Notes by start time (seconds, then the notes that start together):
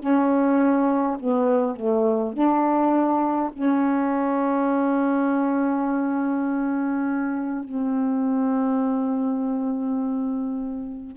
0.00 C#4
1.20 B3
1.76 A3
2.34 D4
3.53 C#4
7.65 C4